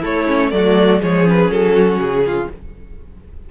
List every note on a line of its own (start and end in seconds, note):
0.00 0.52 A3
0.00 0.49 E4
0.00 0.27 A4
0.00 0.51 C#5
0.27 0.51 C#4
0.51 1.01 F#3
0.51 1.00 A3
0.51 1.02 F#4
0.51 1.00 D5
1.00 1.50 F3
1.00 1.24 G#3
1.00 1.74 G#4
1.00 1.28 C#5
1.24 2.47 C#4
1.24 1.51 B4
1.50 1.98 F#3
1.50 2.00 A4
1.74 2.23 F#4
1.98 2.47 C#3
1.98 2.49 G#4
2.26 2.51 F4